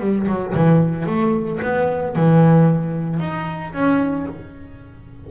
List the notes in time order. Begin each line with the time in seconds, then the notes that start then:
0.00 G3
0.27 F#3
0.54 E3
1.06 A3
1.62 B3
2.15 E3
3.19 D#4
3.73 C#4